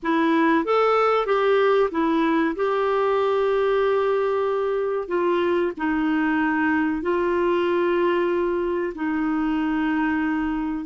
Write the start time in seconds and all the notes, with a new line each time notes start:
0.02 E4
0.64 A4
1.26 G4
1.91 E4
2.55 G4
5.08 F4
5.77 D#4
7.02 F4
8.94 D#4